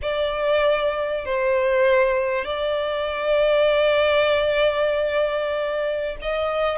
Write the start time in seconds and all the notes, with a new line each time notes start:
0.01 D5
1.25 C5
2.44 D5
6.21 D#5